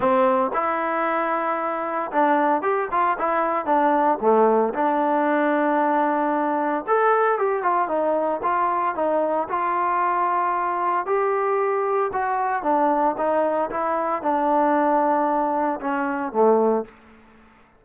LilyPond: \new Staff \with { instrumentName = "trombone" } { \time 4/4 \tempo 4 = 114 c'4 e'2. | d'4 g'8 f'8 e'4 d'4 | a4 d'2.~ | d'4 a'4 g'8 f'8 dis'4 |
f'4 dis'4 f'2~ | f'4 g'2 fis'4 | d'4 dis'4 e'4 d'4~ | d'2 cis'4 a4 | }